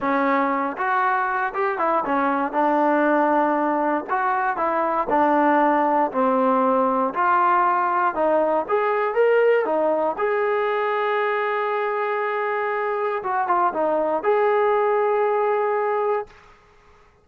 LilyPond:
\new Staff \with { instrumentName = "trombone" } { \time 4/4 \tempo 4 = 118 cis'4. fis'4. g'8 e'8 | cis'4 d'2. | fis'4 e'4 d'2 | c'2 f'2 |
dis'4 gis'4 ais'4 dis'4 | gis'1~ | gis'2 fis'8 f'8 dis'4 | gis'1 | }